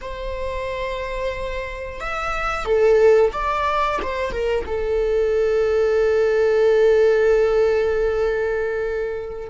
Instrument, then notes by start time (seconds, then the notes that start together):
viola
0.01 C5
2.00 E5
2.65 A4
3.32 D5
4.02 C5
4.31 A#4
4.66 A4